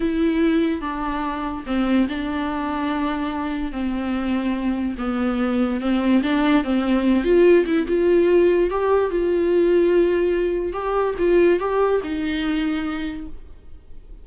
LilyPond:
\new Staff \with { instrumentName = "viola" } { \time 4/4 \tempo 4 = 145 e'2 d'2 | c'4 d'2.~ | d'4 c'2. | b2 c'4 d'4 |
c'4. f'4 e'8 f'4~ | f'4 g'4 f'2~ | f'2 g'4 f'4 | g'4 dis'2. | }